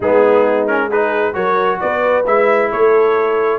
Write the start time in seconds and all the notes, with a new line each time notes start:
0.00 G#3 B3 D#4 G#4
0.66 C#4 A#4
0.89 D#4 G#4 B4
1.33 F#3 F#4 A#4 C#5
1.80 B3 B4 D5
2.26 G#3 E4 E5
2.70 A3 A4 C#5